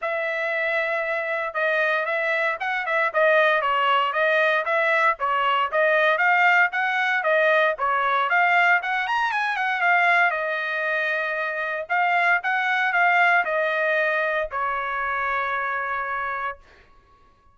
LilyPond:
\new Staff \with { instrumentName = "trumpet" } { \time 4/4 \tempo 4 = 116 e''2. dis''4 | e''4 fis''8 e''8 dis''4 cis''4 | dis''4 e''4 cis''4 dis''4 | f''4 fis''4 dis''4 cis''4 |
f''4 fis''8 ais''8 gis''8 fis''8 f''4 | dis''2. f''4 | fis''4 f''4 dis''2 | cis''1 | }